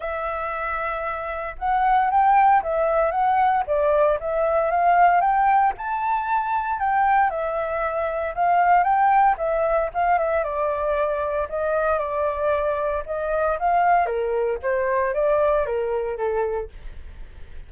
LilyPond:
\new Staff \with { instrumentName = "flute" } { \time 4/4 \tempo 4 = 115 e''2. fis''4 | g''4 e''4 fis''4 d''4 | e''4 f''4 g''4 a''4~ | a''4 g''4 e''2 |
f''4 g''4 e''4 f''8 e''8 | d''2 dis''4 d''4~ | d''4 dis''4 f''4 ais'4 | c''4 d''4 ais'4 a'4 | }